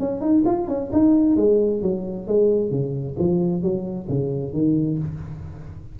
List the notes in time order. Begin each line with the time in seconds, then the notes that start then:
0.00 C#4
0.21 D#4
0.46 F4
0.69 C#4
0.93 D#4
1.37 G#3
1.83 F#3
2.28 G#3
2.71 C#3
3.19 F3
3.63 F#3
4.09 C#3
4.53 D#3